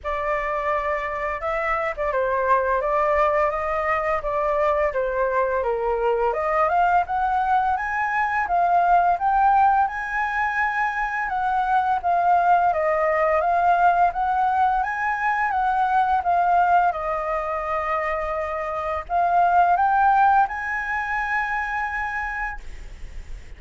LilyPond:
\new Staff \with { instrumentName = "flute" } { \time 4/4 \tempo 4 = 85 d''2 e''8. d''16 c''4 | d''4 dis''4 d''4 c''4 | ais'4 dis''8 f''8 fis''4 gis''4 | f''4 g''4 gis''2 |
fis''4 f''4 dis''4 f''4 | fis''4 gis''4 fis''4 f''4 | dis''2. f''4 | g''4 gis''2. | }